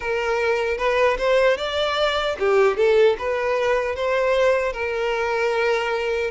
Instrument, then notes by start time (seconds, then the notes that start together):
violin
0.00 A#4
0.77 B4
1.18 C5
1.57 D5
2.39 G4
2.76 A4
3.18 B4
3.95 C5
4.73 A#4